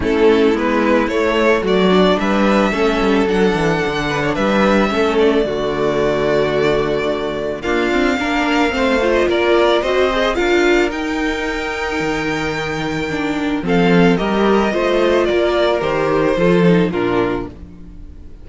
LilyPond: <<
  \new Staff \with { instrumentName = "violin" } { \time 4/4 \tempo 4 = 110 a'4 b'4 cis''4 d''4 | e''2 fis''2 | e''4. d''2~ d''8~ | d''2 f''2~ |
f''8. dis''16 d''4 dis''4 f''4 | g''1~ | g''4 f''4 dis''2 | d''4 c''2 ais'4 | }
  \new Staff \with { instrumentName = "violin" } { \time 4/4 e'2. fis'4 | b'4 a'2~ a'8 b'16 cis''16 | b'4 a'4 fis'2~ | fis'2 f'4 ais'4 |
c''4 ais'4 c''4 ais'4~ | ais'1~ | ais'4 a'4 ais'4 c''4 | ais'2 a'4 f'4 | }
  \new Staff \with { instrumentName = "viola" } { \time 4/4 cis'4 b4 a4. d'8~ | d'4 cis'4 d'2~ | d'4 cis'4 a2~ | a2 ais8 c'8 d'4 |
c'8 f'4. fis'8 gis'8 f'4 | dis'1 | d'4 c'4 g'4 f'4~ | f'4 g'4 f'8 dis'8 d'4 | }
  \new Staff \with { instrumentName = "cello" } { \time 4/4 a4 gis4 a4 fis4 | g4 a8 g8 fis8 e8 d4 | g4 a4 d2~ | d2 d'4 ais4 |
a4 ais4 c'4 d'4 | dis'2 dis2~ | dis4 f4 g4 a4 | ais4 dis4 f4 ais,4 | }
>>